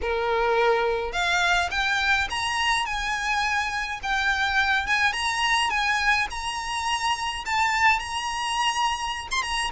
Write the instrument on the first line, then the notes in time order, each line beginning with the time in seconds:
violin
0.01 A#4
1.12 F5
1.71 G5
2.30 A#5
2.85 G#5
4.03 G5
4.86 G#5
5.12 A#5
5.70 G#5
6.30 A#5
7.45 A5
7.99 A#5
9.31 C6
9.42 A#5